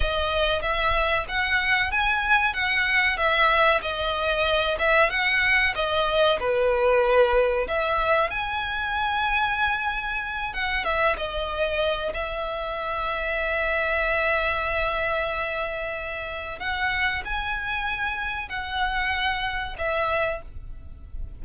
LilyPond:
\new Staff \with { instrumentName = "violin" } { \time 4/4 \tempo 4 = 94 dis''4 e''4 fis''4 gis''4 | fis''4 e''4 dis''4. e''8 | fis''4 dis''4 b'2 | e''4 gis''2.~ |
gis''8 fis''8 e''8 dis''4. e''4~ | e''1~ | e''2 fis''4 gis''4~ | gis''4 fis''2 e''4 | }